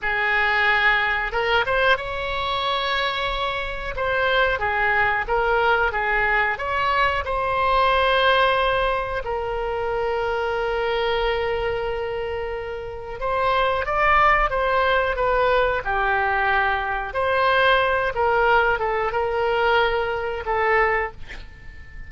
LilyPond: \new Staff \with { instrumentName = "oboe" } { \time 4/4 \tempo 4 = 91 gis'2 ais'8 c''8 cis''4~ | cis''2 c''4 gis'4 | ais'4 gis'4 cis''4 c''4~ | c''2 ais'2~ |
ais'1 | c''4 d''4 c''4 b'4 | g'2 c''4. ais'8~ | ais'8 a'8 ais'2 a'4 | }